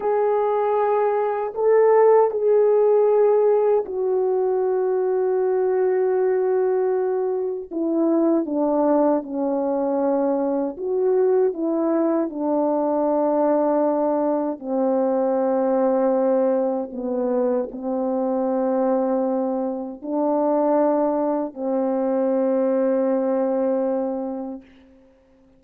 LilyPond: \new Staff \with { instrumentName = "horn" } { \time 4/4 \tempo 4 = 78 gis'2 a'4 gis'4~ | gis'4 fis'2.~ | fis'2 e'4 d'4 | cis'2 fis'4 e'4 |
d'2. c'4~ | c'2 b4 c'4~ | c'2 d'2 | c'1 | }